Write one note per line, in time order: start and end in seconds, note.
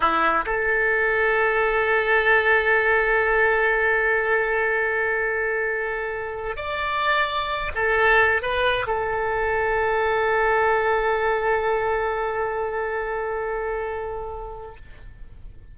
0.00 0.45 E4
0.45 6.56 A4
6.56 7.71 D5
7.74 8.41 A4
8.41 8.86 B4
8.86 14.75 A4